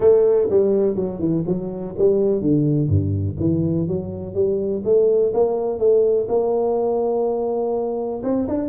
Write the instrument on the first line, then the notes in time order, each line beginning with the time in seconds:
tuba
0.00 A3
0.50 G3
0.95 F#3
1.19 E3
1.46 F#3
1.98 G3
2.41 D3
2.88 G2
3.39 E3
3.87 F#3
4.34 G3
4.84 A3
5.33 A#3
5.78 A3
6.28 A#3
8.23 C4
8.48 D4